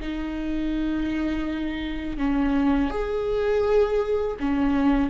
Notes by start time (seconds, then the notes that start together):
0.00 D#4
2.17 C#4
2.90 G#4
4.40 C#4